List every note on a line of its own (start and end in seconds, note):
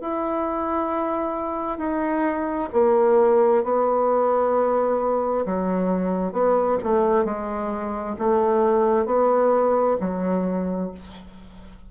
0.00 1.78 E4
1.78 2.69 D#4
2.73 3.63 A#3
3.63 5.45 B3
5.45 6.32 F#3
6.32 6.78 B3
6.83 7.25 A3
7.25 8.16 G#3
8.18 9.05 A3
9.05 9.96 B3
10.00 10.91 F#3